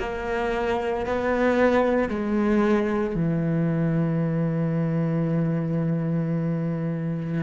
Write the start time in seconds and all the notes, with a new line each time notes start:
0.00 A#3
1.07 B3
2.09 G#3
3.16 E3